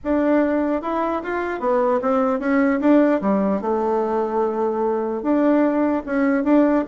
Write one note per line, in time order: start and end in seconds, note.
0.04 0.82 D4
0.82 1.22 E4
1.22 1.60 F4
1.60 2.00 B3
2.01 2.39 C4
2.39 2.79 C#4
2.80 3.20 D4
3.21 3.61 G3
3.61 5.22 A3
5.22 6.03 D4
6.06 6.44 C#4
6.44 6.84 D4